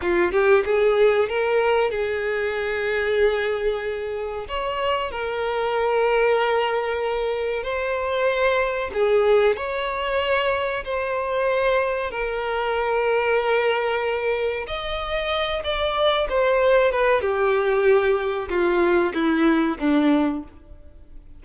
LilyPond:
\new Staff \with { instrumentName = "violin" } { \time 4/4 \tempo 4 = 94 f'8 g'8 gis'4 ais'4 gis'4~ | gis'2. cis''4 | ais'1 | c''2 gis'4 cis''4~ |
cis''4 c''2 ais'4~ | ais'2. dis''4~ | dis''8 d''4 c''4 b'8 g'4~ | g'4 f'4 e'4 d'4 | }